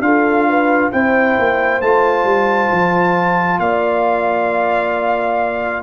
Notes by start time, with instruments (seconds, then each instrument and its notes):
0.00 tuba D4, trombone F4, horn A4, trumpet F5
0.49 horn B4
0.92 tuba C4, trombone E4, horn C5, trumpet G5
1.39 tuba A#3
1.82 tuba A3, trombone F4, trumpet A5
2.24 tuba G3
2.72 tuba F3
3.59 tuba A#3, horn D5, trumpet F5